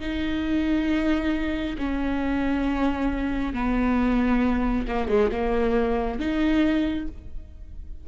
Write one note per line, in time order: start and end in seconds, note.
0.00 1.76 D#4
1.78 3.53 C#4
3.53 4.86 B3
4.88 5.08 A#3
5.08 5.30 G#3
5.31 6.19 A#3
6.19 7.07 D#4